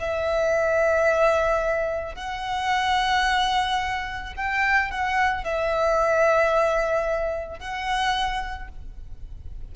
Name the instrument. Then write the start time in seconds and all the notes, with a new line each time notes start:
violin
0.00 E5
2.16 F#5
4.37 G5
4.91 F#5
5.44 E5
7.60 F#5